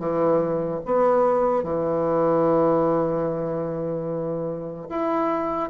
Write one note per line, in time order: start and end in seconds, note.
0.00 0.81 E3
0.86 1.64 B3
1.64 4.88 E3
4.90 5.70 E4